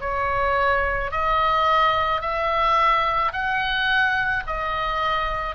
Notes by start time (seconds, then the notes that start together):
0.00 C#5
1.11 D#5
2.21 E5
3.32 F#5
4.46 D#5